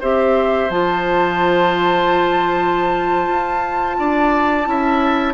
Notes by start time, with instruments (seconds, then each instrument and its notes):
0.00 bassoon C4, clarinet G4, oboe C5, flute E5
0.69 bassoon F3, clarinet F4, flute A5
3.28 bassoon F4
3.99 bassoon D4, oboe D5
4.64 bassoon C#4, clarinet E4, oboe E5